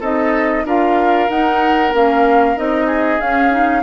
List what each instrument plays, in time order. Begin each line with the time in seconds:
0.00 bassoon C4, clarinet D#4, oboe A4, flute D#5
0.64 bassoon D4, clarinet F4, oboe A#4, flute F5
1.29 bassoon D#4, clarinet D#4, flute F#5
1.93 bassoon A#3, clarinet C#4, flute F5
2.56 bassoon C4, clarinet D#4, flute D#5
2.86 oboe G#4
3.20 bassoon C#4, clarinet C#4, flute F5
3.51 clarinet D#4